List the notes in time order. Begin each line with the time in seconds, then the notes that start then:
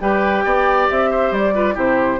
0.00 G3 G4 B4 G5
0.45 B3 D5
0.90 C4 E5
1.10 C5
1.31 G3 D5
1.54 F4 B4
1.74 C3 E4 G4 C5